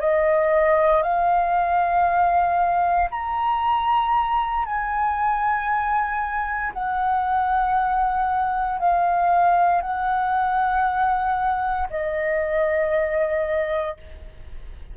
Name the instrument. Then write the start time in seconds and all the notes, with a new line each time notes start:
flute
0.00 D#5
1.03 F5
3.10 A#5
4.66 G#5
6.73 F#5
8.79 F5
9.81 F#5
11.90 D#5